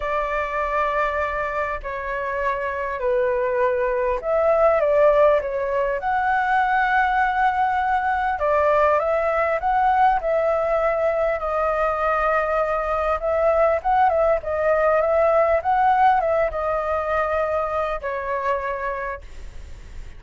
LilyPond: \new Staff \with { instrumentName = "flute" } { \time 4/4 \tempo 4 = 100 d''2. cis''4~ | cis''4 b'2 e''4 | d''4 cis''4 fis''2~ | fis''2 d''4 e''4 |
fis''4 e''2 dis''4~ | dis''2 e''4 fis''8 e''8 | dis''4 e''4 fis''4 e''8 dis''8~ | dis''2 cis''2 | }